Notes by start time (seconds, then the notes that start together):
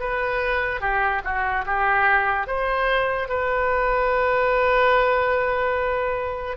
0.00 B4
0.81 G4
1.24 F#4
1.66 G4
2.47 C5
3.29 B4